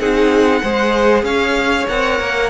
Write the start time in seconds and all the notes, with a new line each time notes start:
0.00 C4 D#4 G#4 F#5
0.62 G#3 G#4 C5
1.23 C#4 C#5 F5
1.88 C4 A#4 F#5
2.21 A#3